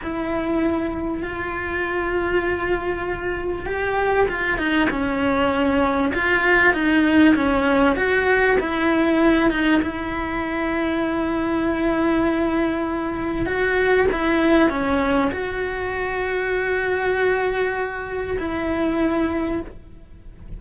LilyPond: \new Staff \with { instrumentName = "cello" } { \time 4/4 \tempo 4 = 98 e'2 f'2~ | f'2 g'4 f'8 dis'8 | cis'2 f'4 dis'4 | cis'4 fis'4 e'4. dis'8 |
e'1~ | e'2 fis'4 e'4 | cis'4 fis'2.~ | fis'2 e'2 | }